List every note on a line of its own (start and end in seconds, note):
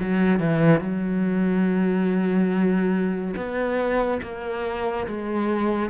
0.00 0.39 F#3
0.39 0.81 E3
0.81 3.34 F#3
3.36 4.21 B3
4.22 5.07 A#3
5.07 5.90 G#3